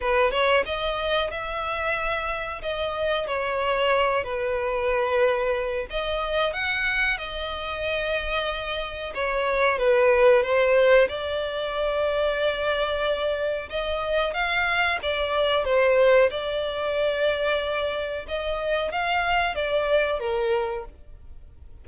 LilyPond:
\new Staff \with { instrumentName = "violin" } { \time 4/4 \tempo 4 = 92 b'8 cis''8 dis''4 e''2 | dis''4 cis''4. b'4.~ | b'4 dis''4 fis''4 dis''4~ | dis''2 cis''4 b'4 |
c''4 d''2.~ | d''4 dis''4 f''4 d''4 | c''4 d''2. | dis''4 f''4 d''4 ais'4 | }